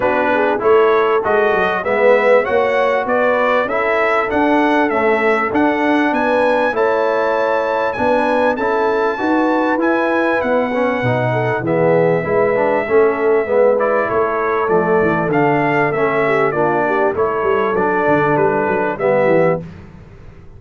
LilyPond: <<
  \new Staff \with { instrumentName = "trumpet" } { \time 4/4 \tempo 4 = 98 b'4 cis''4 dis''4 e''4 | fis''4 d''4 e''4 fis''4 | e''4 fis''4 gis''4 a''4~ | a''4 gis''4 a''2 |
gis''4 fis''2 e''4~ | e''2~ e''8 d''8 cis''4 | d''4 f''4 e''4 d''4 | cis''4 d''4 b'4 e''4 | }
  \new Staff \with { instrumentName = "horn" } { \time 4/4 fis'8 gis'8 a'2 b'4 | cis''4 b'4 a'2~ | a'2 b'4 cis''4~ | cis''4 b'4 a'4 b'4~ |
b'2~ b'8 a'8 gis'4 | b'4 a'4 b'4 a'4~ | a'2~ a'8 g'8 f'8 g'8 | a'2. g'4 | }
  \new Staff \with { instrumentName = "trombone" } { \time 4/4 d'4 e'4 fis'4 b4 | fis'2 e'4 d'4 | a4 d'2 e'4~ | e'4 d'4 e'4 fis'4 |
e'4. cis'8 dis'4 b4 | e'8 d'8 cis'4 b8 e'4. | a4 d'4 cis'4 d'4 | e'4 d'2 b4 | }
  \new Staff \with { instrumentName = "tuba" } { \time 4/4 b4 a4 gis8 fis8 gis4 | ais4 b4 cis'4 d'4 | cis'4 d'4 b4 a4~ | a4 b4 cis'4 dis'4 |
e'4 b4 b,4 e4 | gis4 a4 gis4 a4 | f8 e8 d4 a4 ais4 | a8 g8 fis8 d8 g8 fis8 g8 e8 | }
>>